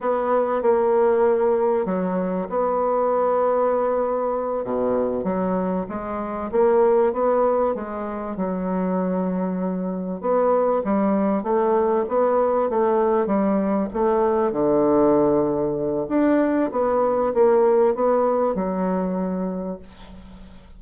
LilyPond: \new Staff \with { instrumentName = "bassoon" } { \time 4/4 \tempo 4 = 97 b4 ais2 fis4 | b2.~ b8 b,8~ | b,8 fis4 gis4 ais4 b8~ | b8 gis4 fis2~ fis8~ |
fis8 b4 g4 a4 b8~ | b8 a4 g4 a4 d8~ | d2 d'4 b4 | ais4 b4 fis2 | }